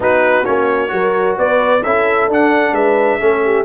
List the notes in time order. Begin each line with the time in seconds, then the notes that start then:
0.00 B3 D#4 F#4 B4
0.44 A#3 C#4 C#5
0.88 F#3 F#4 A#4
1.37 B3 B4 D5
1.83 C#4 E4 A4 E5
2.27 D4 F#5
2.72 G#3 B4 E5
3.19 A3 C#4 A4
3.43 G4